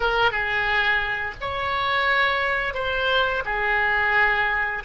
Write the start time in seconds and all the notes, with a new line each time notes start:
0.00 A#4
0.31 G#4
1.40 C#5
2.74 C5
3.45 G#4